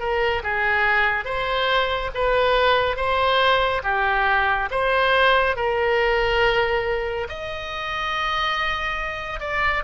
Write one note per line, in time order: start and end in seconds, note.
0.00 0.43 A#4
0.44 1.25 G#4
1.25 2.11 C5
2.15 2.97 B4
2.97 3.83 C5
3.84 4.69 G4
4.71 5.56 C5
5.56 7.28 A#4
7.29 9.41 D#5
9.41 9.83 D5